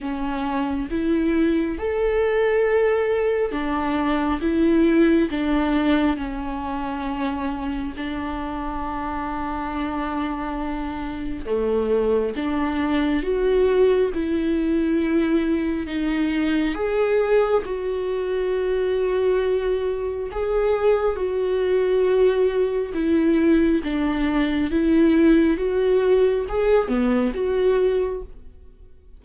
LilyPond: \new Staff \with { instrumentName = "viola" } { \time 4/4 \tempo 4 = 68 cis'4 e'4 a'2 | d'4 e'4 d'4 cis'4~ | cis'4 d'2.~ | d'4 a4 d'4 fis'4 |
e'2 dis'4 gis'4 | fis'2. gis'4 | fis'2 e'4 d'4 | e'4 fis'4 gis'8 b8 fis'4 | }